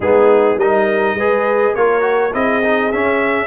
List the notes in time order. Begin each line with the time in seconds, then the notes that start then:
0.00 G#3 B3 D#4 G#4
0.56 G3 D#4 A#4 D#5
1.14 G#3 G#4 B4
1.73 A#3 F4 A#4 C#5
2.01 F#4
2.32 C4 E4 G#4 D#5
2.63 D#4
2.92 C#4 E5